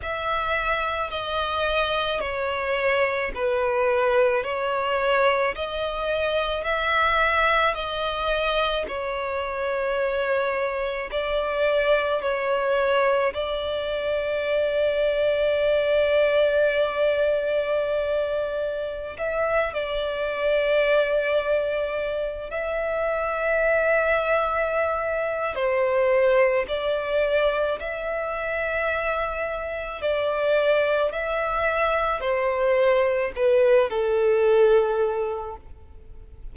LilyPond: \new Staff \with { instrumentName = "violin" } { \time 4/4 \tempo 4 = 54 e''4 dis''4 cis''4 b'4 | cis''4 dis''4 e''4 dis''4 | cis''2 d''4 cis''4 | d''1~ |
d''4~ d''16 e''8 d''2~ d''16~ | d''16 e''2~ e''8. c''4 | d''4 e''2 d''4 | e''4 c''4 b'8 a'4. | }